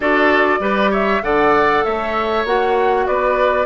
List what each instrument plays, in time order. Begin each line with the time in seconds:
0.00 bassoon D4, clarinet F#4, oboe A4, flute D5
0.59 bassoon G3, clarinet G4, oboe B4
0.90 oboe C#5, flute E5
1.22 bassoon D3, clarinet A4, oboe D5, flute F#5
1.84 bassoon A3, oboe C#5, flute E5
2.44 bassoon A#3, clarinet F#4, flute F#5
3.07 bassoon B3, oboe B4, flute D5